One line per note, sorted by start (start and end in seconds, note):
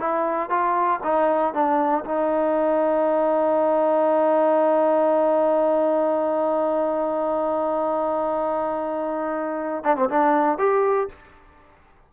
0.00 0.50 E4
0.50 1.01 F4
1.04 1.54 D#4
1.54 2.04 D4
2.05 9.85 D#4
9.85 9.96 D4
9.96 10.09 C4
10.10 10.59 D4
10.59 11.09 G4